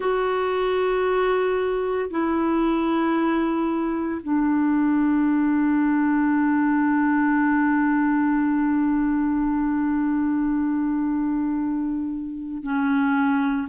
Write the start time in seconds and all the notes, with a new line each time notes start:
0.00 F#4
2.10 E4
4.22 D4
12.62 C#4